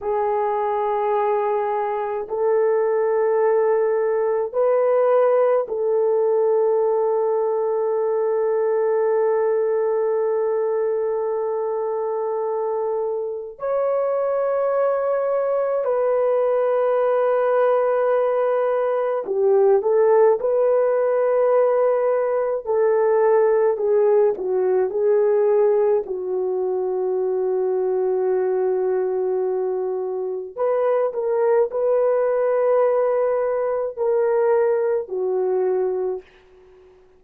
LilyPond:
\new Staff \with { instrumentName = "horn" } { \time 4/4 \tempo 4 = 53 gis'2 a'2 | b'4 a'2.~ | a'1 | cis''2 b'2~ |
b'4 g'8 a'8 b'2 | a'4 gis'8 fis'8 gis'4 fis'4~ | fis'2. b'8 ais'8 | b'2 ais'4 fis'4 | }